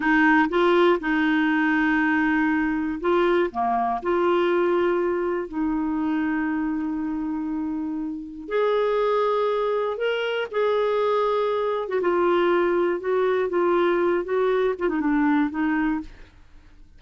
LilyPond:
\new Staff \with { instrumentName = "clarinet" } { \time 4/4 \tempo 4 = 120 dis'4 f'4 dis'2~ | dis'2 f'4 ais4 | f'2. dis'4~ | dis'1~ |
dis'4 gis'2. | ais'4 gis'2~ gis'8. fis'16 | f'2 fis'4 f'4~ | f'8 fis'4 f'16 dis'16 d'4 dis'4 | }